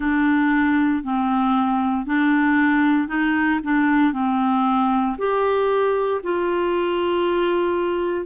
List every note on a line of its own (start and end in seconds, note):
0.00 1.03 D4
1.03 2.05 C4
2.05 3.08 D4
3.08 3.59 D#4
3.63 4.12 D4
4.12 5.16 C4
5.17 6.21 G4
6.23 8.25 F4